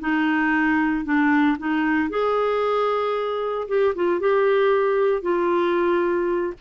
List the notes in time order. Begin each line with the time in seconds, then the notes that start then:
0.00 D#4
1.05 D4
1.59 D#4
2.10 G#4
3.68 G4
3.95 F4
4.20 G4
5.22 F4